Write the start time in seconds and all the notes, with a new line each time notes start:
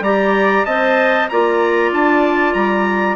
0.00 G3 G4 D5 A#5
0.65 C4 C5 D#5 A5
1.29 A#3 F4 D5 A#5
1.91 D4 A5
2.53 G3 A#5